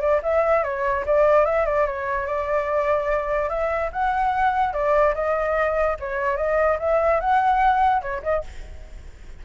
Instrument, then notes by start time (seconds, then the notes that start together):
flute
0.00 D5
0.23 E5
0.63 C#5
1.06 D5
1.45 E5
1.66 D5
1.86 C#5
2.26 D5
3.49 E5
3.92 F#5
4.73 D5
5.14 D#5
5.99 C#5
6.37 D#5
6.79 E5
7.20 F#5
8.01 C#5
8.23 D#5